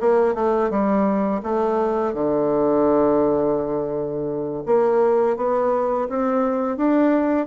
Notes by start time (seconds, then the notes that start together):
0.00 A#3
0.34 A3
0.70 G3
1.43 A3
2.14 D3
4.65 A#3
5.36 B3
6.08 C4
6.77 D4